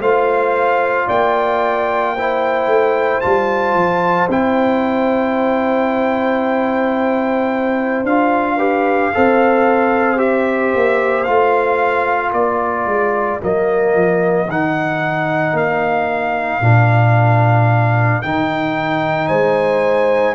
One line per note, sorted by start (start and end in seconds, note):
0.00 1.07 A3
0.00 2.17 F4
0.00 1.07 C5
0.00 1.09 F5
1.07 2.67 A#3
1.07 2.14 D5
1.07 3.21 G5
2.15 3.22 E4
2.15 8.57 C5
2.67 3.21 A3
3.21 3.75 G3
3.21 4.29 F4
3.21 4.29 A5
3.75 4.28 F3
4.29 8.04 C4
4.29 8.06 E4
4.29 8.06 G5
8.04 9.11 D4
8.04 8.59 F4
8.04 10.19 F5
8.57 9.12 G4
8.57 9.10 B4
9.14 10.75 C4
9.14 10.18 A4
9.14 12.30 C5
10.18 11.25 G4
10.18 11.24 E5
10.75 11.28 A#3
11.24 12.33 A3
11.24 13.41 F4
11.24 12.31 F5
12.30 12.86 A#3
12.30 19.26 A#4
12.30 13.41 D5
12.86 13.40 G#3
13.41 13.95 F#3
13.41 14.48 A#3
13.41 14.51 D#5
13.95 14.48 F3
14.48 15.53 D#3
14.48 16.62 D#4
14.48 15.57 F#5
15.53 16.60 A#3
15.53 18.22 F5
16.61 18.22 A#2
16.61 18.23 D4
18.22 19.30 D#3
18.22 20.36 D#4
18.22 19.28 G5
19.28 20.36 G#3
19.28 20.35 C5
19.28 20.35 G#5